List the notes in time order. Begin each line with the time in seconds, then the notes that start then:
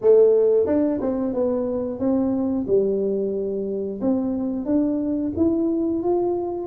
0.01 A3
0.66 D4
1.01 C4
1.33 B3
1.98 C4
2.67 G3
4.01 C4
4.65 D4
5.36 E4
6.02 F4